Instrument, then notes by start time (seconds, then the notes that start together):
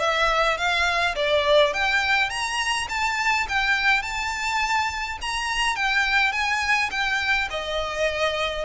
violin
0.00 E5
0.58 F5
1.16 D5
1.74 G5
2.30 A#5
2.90 A5
3.49 G5
4.03 A5
5.22 A#5
5.76 G5
6.33 G#5
6.92 G5
7.51 D#5